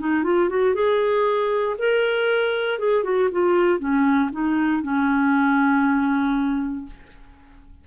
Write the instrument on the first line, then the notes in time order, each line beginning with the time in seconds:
clarinet
0.00 D#4
0.24 F4
0.49 F#4
0.75 G#4
1.79 A#4
2.79 G#4
3.04 F#4
3.32 F4
3.80 C#4
4.32 D#4
4.83 C#4